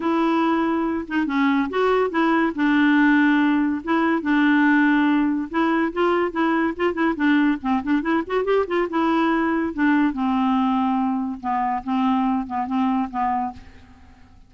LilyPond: \new Staff \with { instrumentName = "clarinet" } { \time 4/4 \tempo 4 = 142 e'2~ e'8 dis'8 cis'4 | fis'4 e'4 d'2~ | d'4 e'4 d'2~ | d'4 e'4 f'4 e'4 |
f'8 e'8 d'4 c'8 d'8 e'8 fis'8 | g'8 f'8 e'2 d'4 | c'2. b4 | c'4. b8 c'4 b4 | }